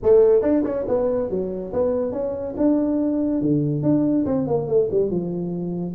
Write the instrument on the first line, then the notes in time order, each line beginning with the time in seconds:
tuba
0.02 A3
0.42 D4
0.64 C#4
0.88 B3
1.30 F#3
1.72 B3
2.12 C#4
2.57 D4
3.41 D3
3.82 D4
4.25 C4
4.47 A#3
4.67 A3
4.91 G3
5.10 F3